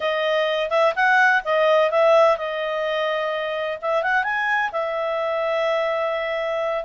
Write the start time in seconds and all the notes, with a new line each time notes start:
0.00 D#5
0.70 E5
0.95 F#5
1.44 D#5
1.90 E5
2.37 D#5
3.81 E5
4.03 F#5
4.23 G#5
4.72 E5